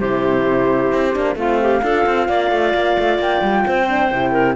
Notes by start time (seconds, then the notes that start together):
0.00 C3 E4 G4 C5
0.93 C4
1.14 A#3 D4
1.36 A3 C4 F4 F5
1.62 G4
1.82 D4 F4 A4
2.07 C4
2.29 A#3 D5
2.52 A3
2.75 A#3
2.99 A3
3.19 A#3 G5
3.42 G3
3.67 C4 C5
3.89 D4
4.12 C3 E4
4.32 A#4